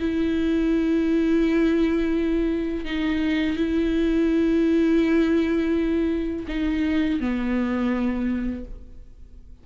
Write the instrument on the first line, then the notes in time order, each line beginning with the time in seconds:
viola
0.00 E4
2.85 D#4
3.57 E4
6.48 D#4
7.20 B3